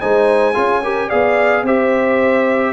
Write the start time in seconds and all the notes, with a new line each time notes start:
0.00 G#3 D#4 C5 G#5
0.54 C#4 F4 G#4
0.83 G4 A#4
1.08 B3 G#4 D5 F5
1.63 C4 G4 C5 E5